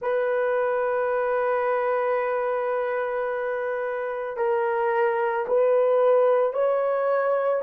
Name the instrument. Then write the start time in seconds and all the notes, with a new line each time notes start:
horn
0.01 B4
4.36 A#4
5.47 B4
6.53 C#5